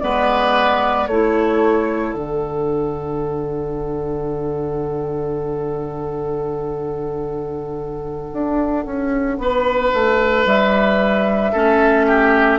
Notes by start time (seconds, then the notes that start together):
0.00 G#3 B3 B4 D5
1.07 A3 E4 A4 C#5
2.13 D3 D4 F#5
8.33 D4
8.85 C#4
9.38 B3 B4
9.93 A3
10.46 G3 E5
11.52 A3 C#4 A4
12.08 G4